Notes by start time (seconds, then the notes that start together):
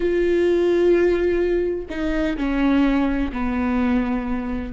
0.00 F4
1.89 D#4
2.37 C#4
3.32 B3